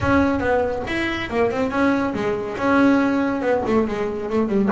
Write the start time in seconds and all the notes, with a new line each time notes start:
0.00 C#4
0.39 B3
0.87 E4
1.30 A#3
1.51 C4
1.70 C#4
2.14 G#3
2.57 C#4
3.41 B3
3.66 A3
3.87 G#3
4.29 A3
4.47 G3